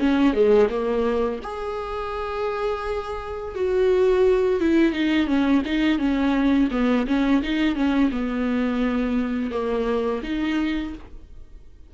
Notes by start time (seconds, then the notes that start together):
0.00 C#4
0.34 G#3
0.70 A#3
1.44 G#4
3.56 F#4
4.61 E4
4.93 D#4
5.27 C#4
5.66 D#4
5.99 C#4
6.72 B3
7.07 C#4
7.43 D#4
7.76 C#4
8.12 B3
9.52 A#3
10.24 D#4